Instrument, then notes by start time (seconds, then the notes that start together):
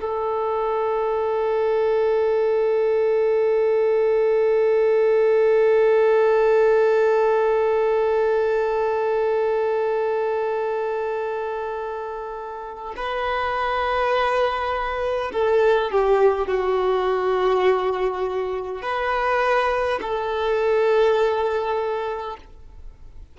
violin
0.00 A4
12.96 B4
15.32 A4
15.91 G4
16.47 F#4
18.82 B4
20.02 A4